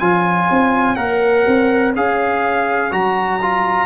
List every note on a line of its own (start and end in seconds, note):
0.00 0.49 F3
0.00 0.97 F4
0.00 3.86 C#5
0.00 0.96 G#5
0.51 0.97 C4
0.96 1.45 A#3
0.96 1.93 A#4
0.96 1.93 F#5
1.48 1.96 C4
1.96 2.93 C#4
1.96 2.91 G#4
1.96 2.93 F5
2.91 3.86 F#3
2.91 3.40 F#4
2.91 3.86 A#5
3.42 3.86 F4